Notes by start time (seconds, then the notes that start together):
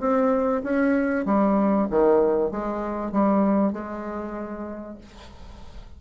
0.00 C4
0.64 C#4
1.26 G3
1.90 D#3
2.51 G#3
3.12 G3
3.73 G#3